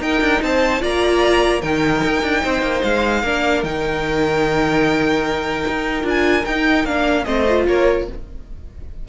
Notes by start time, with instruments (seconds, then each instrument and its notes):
0.00 viola D#4, cello D#4, violin A#4 G5
0.21 cello D4
0.42 cello C4, violin C5 A5
0.80 cello A#3, viola F4, violin D5 A#5
1.61 cello D#3, viola D#4, violin A#4 G5
2.04 cello D#4
2.22 cello D4
2.42 cello C4, violin C5
2.62 cello A#3
2.82 cello G#3, violin F5
3.22 cello A#3, viola D4, violin A#4
3.63 cello D#3, viola D#4, violin G5
5.67 cello D#4
6.03 cello D4, viola F4
6.09 violin G#5
6.45 cello D#4, viola D#4, violin G5
6.85 cello A#3, viola D4, violin F5
7.24 cello A3, viola C4, violin C5 D#5
7.48 viola F4
7.67 cello A#3, violin A#4 C#5